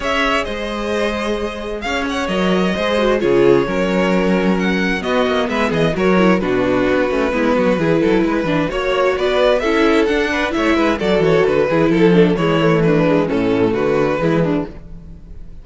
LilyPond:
<<
  \new Staff \with { instrumentName = "violin" } { \time 4/4 \tempo 4 = 131 e''4 dis''2. | f''8 fis''8 dis''2 cis''4~ | cis''2 fis''4 dis''4 | e''8 dis''8 cis''4 b'2~ |
b'2. cis''4 | d''4 e''4 fis''4 e''4 | d''8 cis''8 b'4 a'4 cis''4 | b'4 a'4 b'2 | }
  \new Staff \with { instrumentName = "violin" } { \time 4/4 cis''4 c''2. | cis''2 c''4 gis'4 | ais'2. fis'4 | b'8 gis'8 ais'4 fis'2 |
e'8 fis'8 gis'8 a'8 b'4 cis''4 | b'4 a'4. b'8 cis''8 b'8 | a'4. gis'8 a'8 a8 e'4 | d'4 cis'4 fis'4 e'8 d'8 | }
  \new Staff \with { instrumentName = "viola" } { \time 4/4 gis'1~ | gis'4 ais'4 gis'8 fis'8 f'4 | cis'2. b4~ | b4 fis'8 e'8 d'4. cis'8 |
b4 e'4. d'8 fis'4~ | fis'4 e'4 d'4 e'4 | fis'4. e'4 d'8 gis8 a8~ | a8 gis8 a2 gis4 | }
  \new Staff \with { instrumentName = "cello" } { \time 4/4 cis'4 gis2. | cis'4 fis4 gis4 cis4 | fis2. b8 ais8 | gis8 e8 fis4 b,4 b8 a8 |
gis8 fis8 e8 fis8 gis8 e8 ais4 | b4 cis'4 d'4 a8 gis8 | fis8 e8 d8 e8 f4 e4~ | e4 a,4 d4 e4 | }
>>